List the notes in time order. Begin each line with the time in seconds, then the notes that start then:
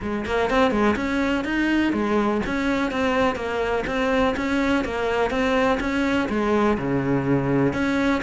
0.02 G#3
0.25 A#3
0.50 C4
0.71 G#3
0.96 C#4
1.44 D#4
1.92 G#3
2.45 C#4
2.91 C4
3.35 A#3
3.86 C4
4.36 C#4
4.84 A#3
5.30 C4
5.80 C#4
6.29 G#3
6.77 C#3
7.73 C#4